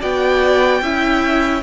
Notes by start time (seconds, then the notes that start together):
0.00 B3 F#4 D5 G5
0.82 C#4 E4 E5